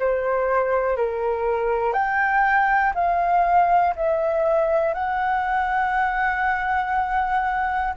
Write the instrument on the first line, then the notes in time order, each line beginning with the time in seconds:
flute
0.00 C5
0.97 A#4
1.93 G5
2.95 F5
3.96 E5
4.94 F#5